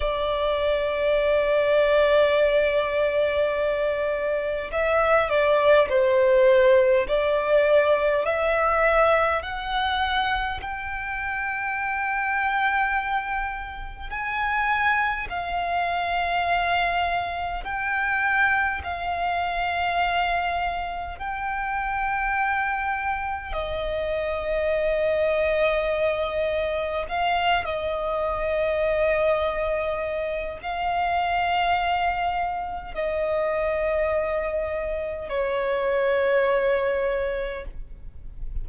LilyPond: \new Staff \with { instrumentName = "violin" } { \time 4/4 \tempo 4 = 51 d''1 | e''8 d''8 c''4 d''4 e''4 | fis''4 g''2. | gis''4 f''2 g''4 |
f''2 g''2 | dis''2. f''8 dis''8~ | dis''2 f''2 | dis''2 cis''2 | }